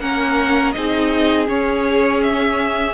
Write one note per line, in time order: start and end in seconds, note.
0.00 0.74 A#3
0.00 0.74 C#4
0.00 0.75 A#4
0.00 0.72 F#5
0.72 1.48 C4
0.72 1.46 D#4
0.72 2.93 G#4
0.72 1.46 D#5
1.46 2.93 C#4
1.46 2.22 C#5
2.22 2.93 E5